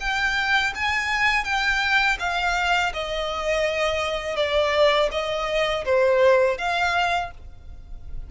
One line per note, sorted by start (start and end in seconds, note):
0.00 0.73 G5
0.75 1.44 G#5
1.44 2.17 G5
2.19 2.92 F5
2.93 4.36 D#5
4.36 5.10 D5
5.11 5.84 D#5
5.85 6.58 C5
6.58 7.31 F5